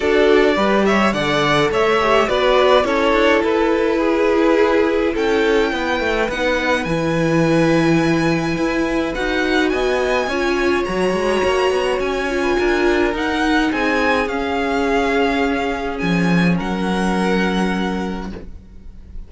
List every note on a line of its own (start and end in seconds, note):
0.00 0.57 D4
0.00 0.54 F#4
0.00 0.54 A4
0.00 0.85 D5
0.54 1.13 G3
0.54 1.12 G4
0.54 0.85 B4
0.85 1.13 C#5
0.85 1.12 E5
1.12 1.70 D3
1.12 2.00 A4
1.12 1.70 D5
1.12 1.70 F#5
1.71 2.28 A3
1.71 2.28 C#5
1.71 2.29 E5
2.00 2.28 G4
2.28 2.84 B3
2.28 2.83 F#4
2.28 2.85 B4
2.28 2.85 D5
2.83 3.12 C#4
2.83 6.26 E4
2.83 3.98 A4
2.83 3.42 C#5
3.12 3.41 D4
3.43 5.15 E4
3.43 5.15 B4
3.98 5.12 G#4
5.14 5.72 C#4
5.14 5.71 A4
5.14 6.29 G5
5.72 5.99 B3
5.72 9.72 B4
5.99 6.28 A3
6.28 6.85 B3
6.28 6.87 D#4
6.28 6.84 F#5
6.84 8.56 E3
6.84 9.15 E4
6.84 9.12 G#5
8.57 9.14 E4
9.14 9.72 D#4
9.14 10.29 F#4
9.14 9.69 F#5
9.69 10.27 B3
9.69 10.29 D#5
9.69 10.83 G#5
10.27 10.84 C#4
10.27 10.87 F4
10.27 12.42 C#5
10.84 11.12 F#3
10.84 12.29 F#4
10.84 11.99 A#5
11.12 11.41 G#3
11.44 11.70 A#3
11.70 11.99 B3
11.99 12.56 C#4
11.99 13.13 G#5
12.29 13.13 F4
12.42 12.56 B4
12.57 13.13 D4
12.57 13.72 A#4
13.13 14.27 D#4
13.13 13.70 D#4
13.13 13.72 F#5
13.72 14.26 C4
13.72 16.56 G#4
13.72 14.27 G#5
14.26 15.98 C#4
14.26 18.30 C#4
14.26 15.98 F5
15.98 16.58 F3
15.98 16.55 G#5
16.56 18.31 F#3
16.56 18.28 A#4
16.56 18.31 F#5